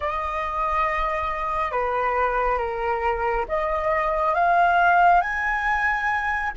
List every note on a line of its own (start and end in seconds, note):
0.00 1.71 D#5
1.71 2.58 B4
2.58 3.45 A#4
3.48 4.34 D#5
4.34 5.21 F5
5.21 6.51 G#5